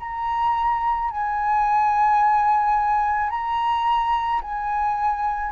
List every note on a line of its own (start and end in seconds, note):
0.00 1.11 A#5
1.11 3.30 G#5
3.30 4.41 A#5
4.42 5.52 G#5